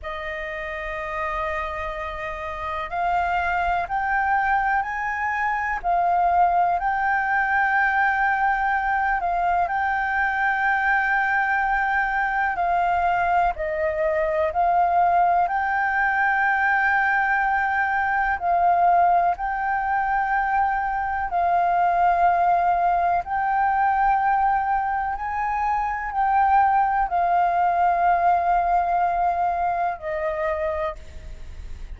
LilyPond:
\new Staff \with { instrumentName = "flute" } { \time 4/4 \tempo 4 = 62 dis''2. f''4 | g''4 gis''4 f''4 g''4~ | g''4. f''8 g''2~ | g''4 f''4 dis''4 f''4 |
g''2. f''4 | g''2 f''2 | g''2 gis''4 g''4 | f''2. dis''4 | }